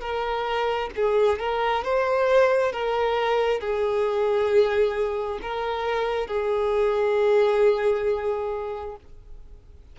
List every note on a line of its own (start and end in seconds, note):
0.00 0.90 A#4
0.96 1.39 G#4
1.39 1.84 A#4
1.84 2.72 C5
2.72 3.61 A#4
3.61 5.40 G#4
5.42 6.27 A#4
6.27 8.96 G#4